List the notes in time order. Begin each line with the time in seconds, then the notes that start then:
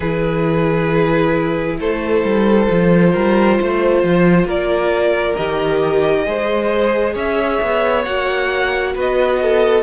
0.00 E3 E4 G#4 B4
1.79 A3 A4 C5
2.24 G3
2.67 F3 F4
3.12 G3 A#4
3.60 A3 C5
4.03 F3
4.44 A#3 A#4 D5
5.36 D#3 G4 D#5
6.25 G#3 G#4 C5
7.14 C#4 C#5 E5
7.61 B3
8.04 A#3 F#4 F#5
8.94 B3 B4 D#5
9.42 A4